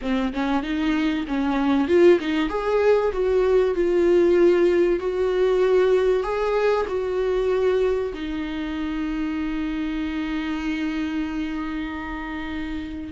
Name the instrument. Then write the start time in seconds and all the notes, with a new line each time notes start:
viola
0.01 C4
0.33 C#4
0.62 D#4
1.27 C#4
1.88 F4
2.20 D#4
2.49 G#4
3.12 F#4
3.74 F4
4.99 F#4
6.23 G#4
6.88 F#4
8.13 D#4